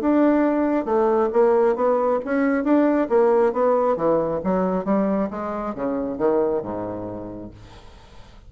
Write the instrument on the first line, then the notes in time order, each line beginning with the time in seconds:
bassoon
0.00 D4
0.85 A3
1.32 A#3
1.75 B3
2.25 C#4
2.64 D4
3.09 A#3
3.52 B3
3.96 E3
4.44 F#3
4.85 G3
5.30 G#3
5.75 C#3
6.18 D#3
6.62 G#2